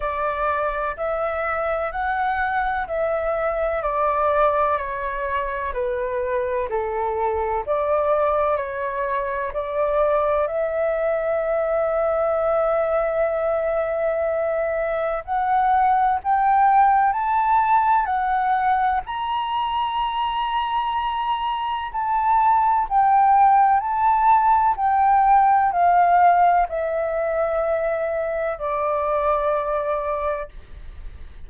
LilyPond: \new Staff \with { instrumentName = "flute" } { \time 4/4 \tempo 4 = 63 d''4 e''4 fis''4 e''4 | d''4 cis''4 b'4 a'4 | d''4 cis''4 d''4 e''4~ | e''1 |
fis''4 g''4 a''4 fis''4 | ais''2. a''4 | g''4 a''4 g''4 f''4 | e''2 d''2 | }